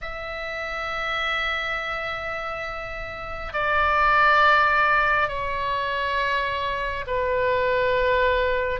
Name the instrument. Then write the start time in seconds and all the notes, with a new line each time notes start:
oboe
0.01 E5
3.53 D5
5.28 C#5
7.06 B4